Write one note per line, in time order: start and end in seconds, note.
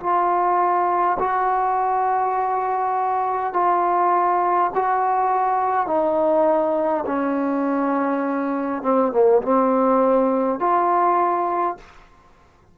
0.00 1.18 F4
1.19 3.53 F#4
3.53 4.71 F4
4.75 5.87 F#4
5.87 7.04 D#4
7.06 8.82 C#4
8.82 9.12 C4
9.12 9.42 A#3
9.42 10.59 C4
10.59 11.77 F4